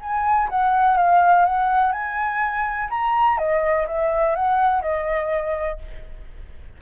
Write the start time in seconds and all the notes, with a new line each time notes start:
0.00 G#5
0.49 F#5
0.97 F5
1.45 F#5
1.92 G#5
2.90 A#5
3.38 D#5
3.87 E5
4.35 F#5
4.82 D#5